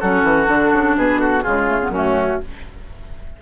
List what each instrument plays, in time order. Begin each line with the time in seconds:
0.00 bassoon F#3, clarinet C#4, oboe F#4, flute A4
0.23 bassoon E3
0.47 bassoon D3, clarinet D4
0.72 bassoon C#3
0.96 bassoon B2, oboe G#4, flute B4
1.18 oboe F#4, flute A4
1.42 bassoon C#3, clarinet G#3, oboe F4, flute G#4
1.67 clarinet A3
1.81 clarinet B3
1.88 bassoon F#2, clarinet A3, oboe C#4, flute F#4